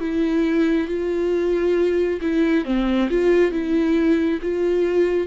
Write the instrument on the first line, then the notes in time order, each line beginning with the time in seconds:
viola
0.00 E4
0.88 F4
2.21 E4
2.65 C4
3.10 F4
3.52 E4
4.42 F4